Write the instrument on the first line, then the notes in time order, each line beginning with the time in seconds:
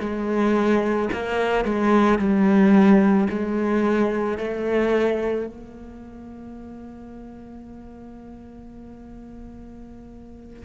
cello
0.00 G#3
1.13 A#3
1.65 G#3
2.19 G3
3.30 G#3
4.38 A3
5.47 A#3